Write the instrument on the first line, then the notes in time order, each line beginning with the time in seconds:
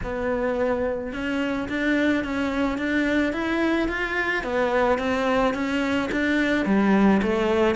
cello
0.03 B3
1.12 C#4
1.68 D4
2.24 C#4
2.78 D4
3.32 E4
3.88 F4
4.43 B3
4.98 C4
5.54 C#4
6.11 D4
6.65 G3
7.22 A3